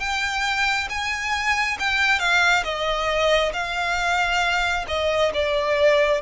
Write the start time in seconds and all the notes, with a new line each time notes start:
0.00 G5
0.89 G#5
1.80 G5
2.19 F5
2.64 D#5
3.53 F5
4.88 D#5
5.34 D5